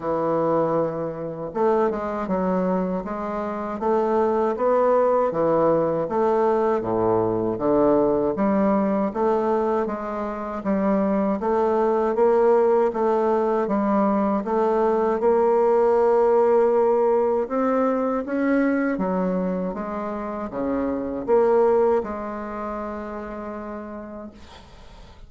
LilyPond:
\new Staff \with { instrumentName = "bassoon" } { \time 4/4 \tempo 4 = 79 e2 a8 gis8 fis4 | gis4 a4 b4 e4 | a4 a,4 d4 g4 | a4 gis4 g4 a4 |
ais4 a4 g4 a4 | ais2. c'4 | cis'4 fis4 gis4 cis4 | ais4 gis2. | }